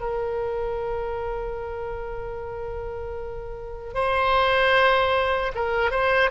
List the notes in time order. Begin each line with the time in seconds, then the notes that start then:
0.00 A#4
3.94 C5
5.55 A#4
5.91 C5